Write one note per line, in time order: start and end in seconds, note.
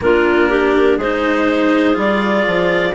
0.01 0.97 A#3
0.01 1.00 D4
0.01 0.49 F4
0.01 1.00 A#4
0.49 0.97 G4
0.97 1.95 G#3
0.97 1.94 D#4
0.97 2.94 G#4
0.97 1.98 C5
1.94 2.45 G3
1.94 2.92 F4
1.94 2.94 D5
2.47 2.94 F3